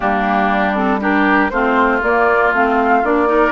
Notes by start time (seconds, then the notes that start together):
0.00 G3 A#3 D4 G4
0.74 C4 A4
0.99 D4 G4 A#4
1.49 A3 C4 F4 C5
2.01 A#3 D5
2.52 A3 C4 F5
3.03 A#3 D4 D5
3.26 D#4 A#4